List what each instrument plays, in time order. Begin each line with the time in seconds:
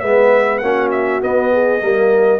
0.00 tuba G#3, trombone B3, horn B4, trumpet E5
0.58 tuba A#3, trombone C#4, horn F#4, trumpet F#5
0.91 trumpet E5
1.22 trombone B3, tuba B3, trumpet D#5
1.53 horn G#4
1.80 tuba G3, trombone A#3, horn A#4